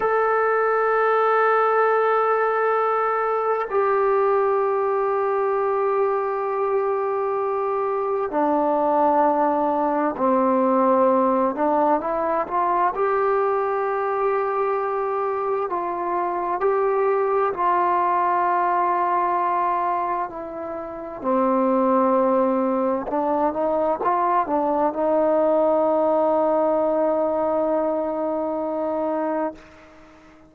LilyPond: \new Staff \with { instrumentName = "trombone" } { \time 4/4 \tempo 4 = 65 a'1 | g'1~ | g'4 d'2 c'4~ | c'8 d'8 e'8 f'8 g'2~ |
g'4 f'4 g'4 f'4~ | f'2 e'4 c'4~ | c'4 d'8 dis'8 f'8 d'8 dis'4~ | dis'1 | }